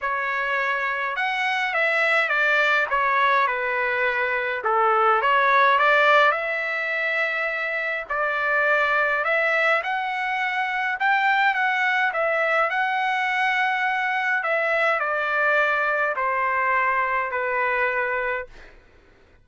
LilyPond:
\new Staff \with { instrumentName = "trumpet" } { \time 4/4 \tempo 4 = 104 cis''2 fis''4 e''4 | d''4 cis''4 b'2 | a'4 cis''4 d''4 e''4~ | e''2 d''2 |
e''4 fis''2 g''4 | fis''4 e''4 fis''2~ | fis''4 e''4 d''2 | c''2 b'2 | }